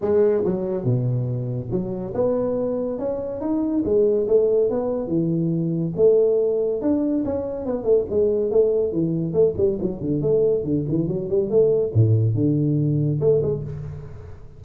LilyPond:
\new Staff \with { instrumentName = "tuba" } { \time 4/4 \tempo 4 = 141 gis4 fis4 b,2 | fis4 b2 cis'4 | dis'4 gis4 a4 b4 | e2 a2 |
d'4 cis'4 b8 a8 gis4 | a4 e4 a8 g8 fis8 d8 | a4 d8 e8 fis8 g8 a4 | a,4 d2 a8 gis8 | }